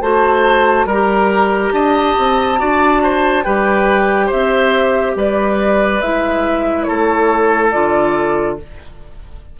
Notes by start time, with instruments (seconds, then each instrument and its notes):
0.00 bassoon A3, clarinet F#4, oboe C5, flute A5
0.85 bassoon G3, oboe A#4, flute A#5
0.92 clarinet G4
1.72 bassoon D4, oboe D#5, flute A5
2.18 bassoon C4
2.57 bassoon D4, clarinet F#4, oboe D5
3.02 oboe C5
3.43 bassoon G3, clarinet G4, oboe B4, flute G5
4.26 oboe C5, flute E5
4.32 bassoon C4
5.15 bassoon G3, oboe B4, flute D5
6.01 bassoon G#3, clarinet E4, flute E5
6.83 oboe A4, flute C#5
6.89 bassoon A3
7.71 bassoon D3, clarinet F4, flute D5